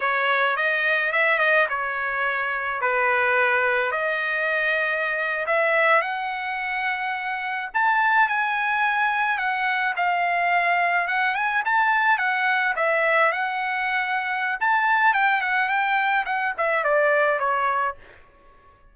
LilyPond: \new Staff \with { instrumentName = "trumpet" } { \time 4/4 \tempo 4 = 107 cis''4 dis''4 e''8 dis''8 cis''4~ | cis''4 b'2 dis''4~ | dis''4.~ dis''16 e''4 fis''4~ fis''16~ | fis''4.~ fis''16 a''4 gis''4~ gis''16~ |
gis''8. fis''4 f''2 fis''16~ | fis''16 gis''8 a''4 fis''4 e''4 fis''16~ | fis''2 a''4 g''8 fis''8 | g''4 fis''8 e''8 d''4 cis''4 | }